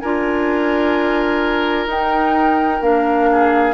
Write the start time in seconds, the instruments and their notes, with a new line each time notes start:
0.00 bassoon D4, clarinet F4, oboe A#4, flute G#5
1.87 bassoon D#4, clarinet D#4, flute G5
2.81 bassoon A#3, clarinet D4, flute F5
3.32 oboe G#4